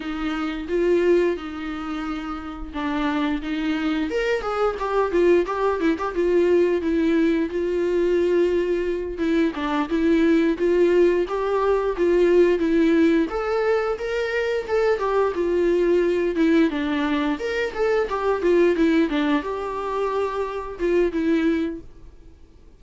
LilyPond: \new Staff \with { instrumentName = "viola" } { \time 4/4 \tempo 4 = 88 dis'4 f'4 dis'2 | d'4 dis'4 ais'8 gis'8 g'8 f'8 | g'8 e'16 g'16 f'4 e'4 f'4~ | f'4. e'8 d'8 e'4 f'8~ |
f'8 g'4 f'4 e'4 a'8~ | a'8 ais'4 a'8 g'8 f'4. | e'8 d'4 ais'8 a'8 g'8 f'8 e'8 | d'8 g'2 f'8 e'4 | }